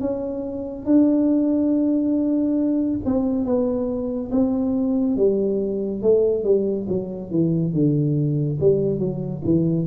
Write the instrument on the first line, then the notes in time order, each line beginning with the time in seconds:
tuba
0.00 C#4
0.86 D4
3.05 C4
3.45 B3
4.31 C4
5.17 G3
6.02 A3
6.44 G3
6.89 F#3
7.31 E3
7.73 D3
8.60 G3
8.99 F#3
9.45 E3